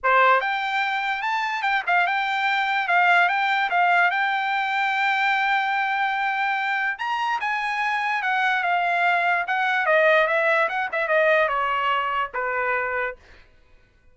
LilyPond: \new Staff \with { instrumentName = "trumpet" } { \time 4/4 \tempo 4 = 146 c''4 g''2 a''4 | g''8 f''8 g''2 f''4 | g''4 f''4 g''2~ | g''1~ |
g''4 ais''4 gis''2 | fis''4 f''2 fis''4 | dis''4 e''4 fis''8 e''8 dis''4 | cis''2 b'2 | }